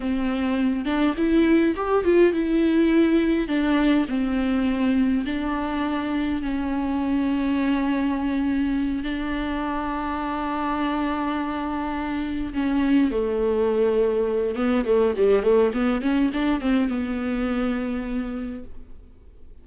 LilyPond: \new Staff \with { instrumentName = "viola" } { \time 4/4 \tempo 4 = 103 c'4. d'8 e'4 g'8 f'8 | e'2 d'4 c'4~ | c'4 d'2 cis'4~ | cis'2.~ cis'8 d'8~ |
d'1~ | d'4. cis'4 a4.~ | a4 b8 a8 g8 a8 b8 cis'8 | d'8 c'8 b2. | }